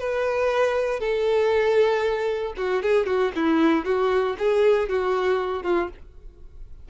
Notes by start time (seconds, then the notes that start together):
0.00 B4
1.00 A4
2.57 F#4
2.83 G#4
3.07 F#4
3.36 E4
3.85 F#4
4.39 G#4
4.90 F#4
5.63 F4